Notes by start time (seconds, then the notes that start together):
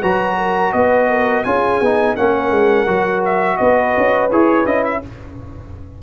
0.00 F#3 F#4 B4 A#5
0.37 A#4
0.73 B3 B4 D#5
1.09 A#4
1.44 C#4 F4 G#4 G#5
1.81 B3 D#4
2.16 A#3 C#4 A#4 F#5
2.51 G#3
2.87 F#3 F#4
3.25 E5
3.57 B3 B4 D#5
3.97 C#4
4.31 E4 G#4 C#5
4.65 C#4 E4 D#5
4.85 E5